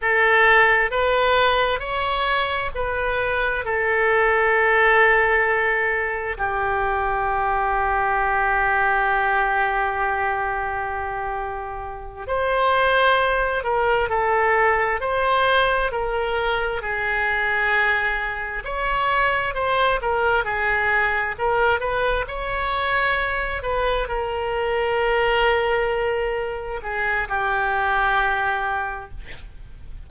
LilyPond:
\new Staff \with { instrumentName = "oboe" } { \time 4/4 \tempo 4 = 66 a'4 b'4 cis''4 b'4 | a'2. g'4~ | g'1~ | g'4. c''4. ais'8 a'8~ |
a'8 c''4 ais'4 gis'4.~ | gis'8 cis''4 c''8 ais'8 gis'4 ais'8 | b'8 cis''4. b'8 ais'4.~ | ais'4. gis'8 g'2 | }